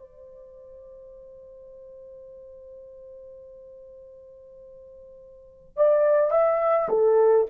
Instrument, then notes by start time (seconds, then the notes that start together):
horn
0.00 C5
5.77 D5
6.31 E5
6.89 A4